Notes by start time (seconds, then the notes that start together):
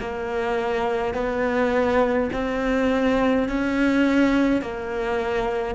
0.00 A#3
1.14 B3
2.33 C4
3.49 C#4
4.62 A#3